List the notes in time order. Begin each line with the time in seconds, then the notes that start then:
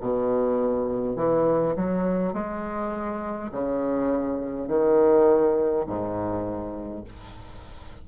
0.00 B2
1.16 E3
1.76 F#3
2.33 G#3
3.51 C#3
4.67 D#3
5.86 G#2